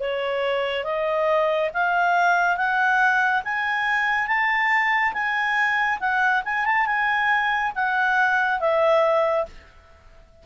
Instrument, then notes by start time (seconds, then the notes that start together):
clarinet
0.00 C#5
0.84 D#5
1.73 F5
2.57 F#5
3.44 G#5
4.27 A5
5.13 G#5
6.00 F#5
6.45 G#5
6.65 A5
6.86 G#5
7.75 F#5
8.60 E5